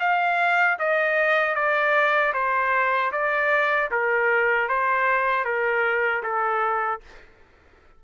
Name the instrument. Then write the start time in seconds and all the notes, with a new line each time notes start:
trumpet
0.00 F5
0.79 D#5
1.55 D5
2.33 C5
3.12 D5
3.91 A#4
4.69 C5
5.45 A#4
6.23 A4